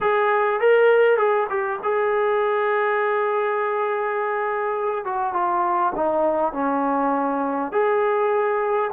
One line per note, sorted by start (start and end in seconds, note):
0.01 0.60 G#4
0.60 1.17 A#4
1.17 1.47 G#4
1.49 1.79 G4
1.83 5.05 G#4
5.05 5.33 F#4
5.33 5.92 F4
5.95 6.53 D#4
6.53 7.71 C#4
7.71 8.90 G#4